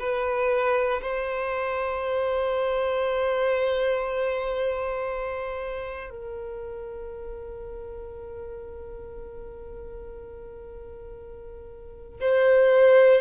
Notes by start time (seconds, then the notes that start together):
0.00 B4
1.02 C5
6.10 A#4
12.21 C5